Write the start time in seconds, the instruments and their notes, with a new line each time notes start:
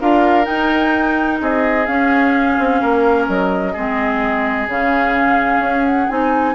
0.00 bassoon D4, clarinet F4, oboe A#4, flute F5
0.44 clarinet D#4, bassoon D#4, flute G5
1.41 bassoon C4, oboe G#4, flute D#5
1.86 bassoon C#4, clarinet C#4, flute F5
2.58 bassoon C4
2.81 bassoon A#3, oboe A#4
3.27 bassoon F#3, flute D#5
3.72 bassoon G#3, clarinet C4, oboe G#4
4.67 bassoon C#3, clarinet C#4, flute F5
5.59 bassoon C#4
5.85 flute F#5
6.08 bassoon C4, clarinet D#4, flute G#5